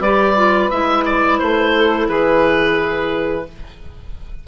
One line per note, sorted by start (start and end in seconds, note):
0.00 0.69 G3
0.00 0.36 G4
0.00 1.72 B4
0.00 0.70 D5
0.36 0.70 F4
0.70 1.41 G#3
0.70 3.48 E4
0.70 1.05 E5
1.05 1.39 D5
1.39 2.08 A3
1.39 2.08 C5
1.76 2.08 A4
2.08 3.46 E3
2.08 3.46 G#4
2.08 3.47 B4